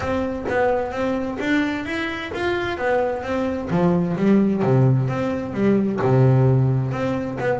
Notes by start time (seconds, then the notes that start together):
0.00 C4
0.48 B3
0.91 C4
1.40 D4
1.85 E4
2.33 F4
2.77 B3
3.22 C4
3.70 F3
4.16 G3
4.62 C3
5.08 C4
5.53 G3
6.01 C3
6.91 C4
7.40 B3